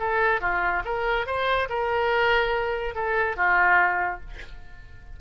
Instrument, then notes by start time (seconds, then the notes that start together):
oboe
0.00 A4
0.41 F4
0.85 A#4
1.27 C5
1.69 A#4
2.95 A4
3.37 F4